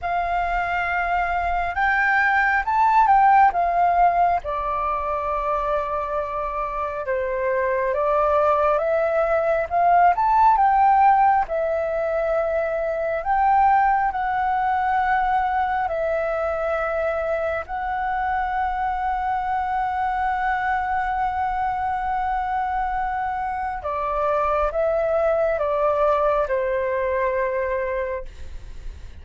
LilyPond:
\new Staff \with { instrumentName = "flute" } { \time 4/4 \tempo 4 = 68 f''2 g''4 a''8 g''8 | f''4 d''2. | c''4 d''4 e''4 f''8 a''8 | g''4 e''2 g''4 |
fis''2 e''2 | fis''1~ | fis''2. d''4 | e''4 d''4 c''2 | }